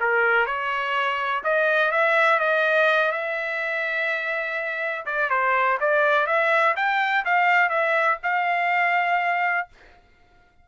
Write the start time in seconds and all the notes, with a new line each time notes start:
0.00 A#4
0.46 C#5
1.43 D#5
1.91 E5
2.39 D#5
3.11 E5
5.06 D5
5.30 C5
5.80 D5
6.26 E5
6.76 G5
7.25 F5
7.69 E5
8.23 F5